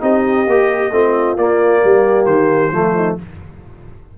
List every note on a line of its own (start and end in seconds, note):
0.00 0.46 C4
0.00 0.45 D#4
0.00 0.92 G4
0.00 1.37 D#5
0.46 0.91 A#3
0.46 0.92 G4
0.91 1.36 A3
0.91 1.37 C4
0.91 1.82 F4
1.36 1.82 A#3
1.36 2.72 A#3
1.36 2.25 D5
1.82 2.25 G3
1.82 2.73 G4
2.25 2.71 D#3
2.25 3.16 C5
2.72 3.17 F3
2.72 3.18 A3
2.72 2.95 F4
2.95 3.17 D#4